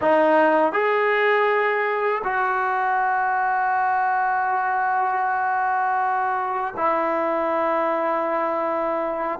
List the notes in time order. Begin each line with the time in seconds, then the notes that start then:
0.01 D#4
0.72 G#4
2.24 F#4
6.76 E4